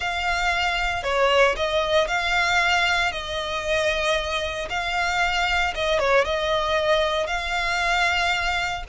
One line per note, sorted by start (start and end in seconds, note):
0.00 1.03 F5
1.03 1.55 C#5
1.56 2.07 D#5
2.07 3.12 F5
3.12 4.68 D#5
4.69 5.74 F5
5.75 5.99 D#5
5.99 6.25 C#5
6.25 7.27 D#5
7.27 8.83 F5